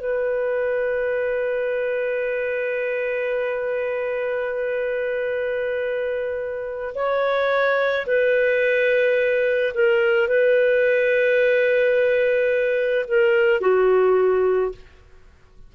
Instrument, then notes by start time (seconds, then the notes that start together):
clarinet
0.00 B4
6.94 C#5
8.07 B4
9.74 A#4
10.28 B4
13.07 A#4
13.61 F#4